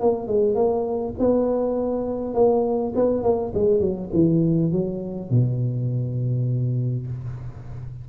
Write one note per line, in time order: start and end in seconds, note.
0.00 0.27 A#3
0.27 0.55 G#3
0.55 1.14 A#3
1.19 2.34 B3
2.34 2.93 A#3
2.95 3.22 B3
3.22 3.52 A#3
3.54 3.80 G#3
3.80 4.09 F#3
4.13 4.71 E3
4.71 5.30 F#3
5.30 7.06 B2